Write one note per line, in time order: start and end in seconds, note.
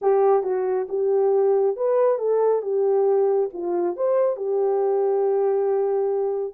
0.01 0.43 G4
0.43 0.87 F#4
0.88 1.76 G4
1.76 2.18 B4
2.18 2.62 A4
2.62 3.49 G4
3.53 3.96 F4
3.96 4.36 C5
4.36 6.54 G4